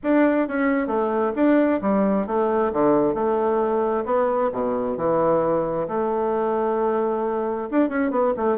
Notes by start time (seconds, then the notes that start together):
0.03 D4
0.48 C#4
0.87 A3
1.35 D4
1.81 G3
2.26 A3
2.72 D3
3.14 A3
4.05 B3
4.52 B2
4.97 E3
5.88 A3
7.71 D4
7.88 C#4
8.10 B3
8.36 A3